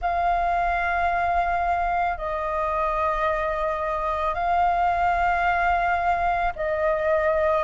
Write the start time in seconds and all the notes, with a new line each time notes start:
0.01 F5
2.17 D#5
4.34 F5
6.55 D#5